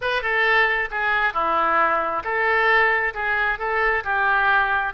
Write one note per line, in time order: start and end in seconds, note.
0.01 0.22 B4
0.22 0.89 A4
0.91 1.33 G#4
1.33 2.23 E4
2.24 3.13 A4
3.13 3.58 G#4
3.58 4.03 A4
4.04 4.93 G4